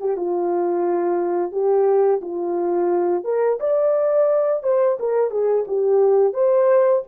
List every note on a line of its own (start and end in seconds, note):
0.00 0.17 G4
0.17 1.52 F4
1.52 2.21 G4
2.22 3.25 F4
3.25 3.59 A#4
3.61 4.64 D5
4.64 4.98 C5
5.00 5.31 A#4
5.31 5.66 G#4
5.68 6.34 G4
6.34 7.03 C5